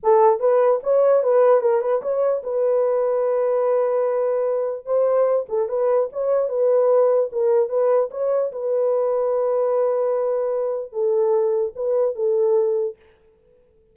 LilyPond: \new Staff \with { instrumentName = "horn" } { \time 4/4 \tempo 4 = 148 a'4 b'4 cis''4 b'4 | ais'8 b'8 cis''4 b'2~ | b'1 | c''4. a'8 b'4 cis''4 |
b'2 ais'4 b'4 | cis''4 b'2.~ | b'2. a'4~ | a'4 b'4 a'2 | }